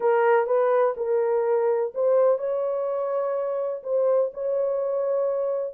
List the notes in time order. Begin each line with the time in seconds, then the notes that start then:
0.00 A#4
0.46 B4
0.96 A#4
1.94 C5
2.38 C#5
3.83 C5
4.33 C#5